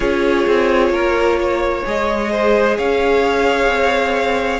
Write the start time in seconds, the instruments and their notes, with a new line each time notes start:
0.00 cello C#4, viola F4, violin G#4 C#5
0.47 cello C4
0.89 cello A#3, violin A#4
1.40 violin C#5
1.84 cello G#3, viola G#4, violin D#5
2.31 violin C5
2.77 cello C#4, violin C#5 F5
3.67 cello C4